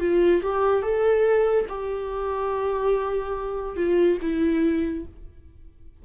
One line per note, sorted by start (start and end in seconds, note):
0.00 0.42 F4
0.42 0.82 G4
0.82 1.66 A4
1.69 3.77 G4
3.77 4.18 F4
4.22 5.05 E4